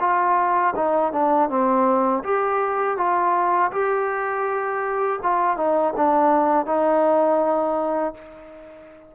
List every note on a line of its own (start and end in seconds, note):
0.00 0.74 F4
0.76 1.12 D#4
1.12 1.49 D4
1.49 2.23 C4
2.24 2.97 G4
2.97 3.71 F4
3.71 5.20 G4
5.23 5.57 F4
5.57 5.94 D#4
5.96 6.66 D4
6.66 8.14 D#4